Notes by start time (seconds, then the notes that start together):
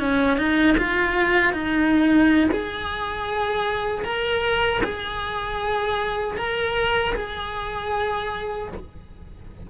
0.00 C#4
0.38 D#4
0.78 F4
1.53 D#4
2.51 G#4
4.05 A#4
4.84 G#4
6.38 A#4
7.15 G#4